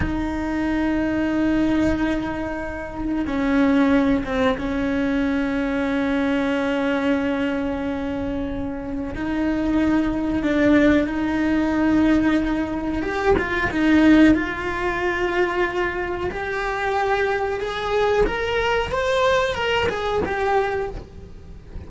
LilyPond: \new Staff \with { instrumentName = "cello" } { \time 4/4 \tempo 4 = 92 dis'1~ | dis'4 cis'4. c'8 cis'4~ | cis'1~ | cis'2 dis'2 |
d'4 dis'2. | g'8 f'8 dis'4 f'2~ | f'4 g'2 gis'4 | ais'4 c''4 ais'8 gis'8 g'4 | }